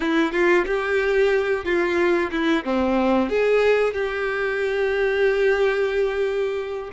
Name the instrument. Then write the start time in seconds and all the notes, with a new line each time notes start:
violin
0.00 E4
0.32 F4
0.66 G4
1.65 F4
2.31 E4
2.64 C4
3.29 G#4
3.93 G4